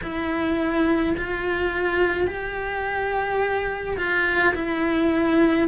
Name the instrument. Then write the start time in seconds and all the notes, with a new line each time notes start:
cello
0.03 E4
1.17 F4
2.27 G4
3.97 F4
4.54 E4